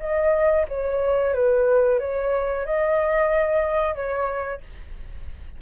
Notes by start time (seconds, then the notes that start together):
0.00 D#5
0.68 C#5
1.34 B4
2.00 C#5
2.66 D#5
3.95 C#5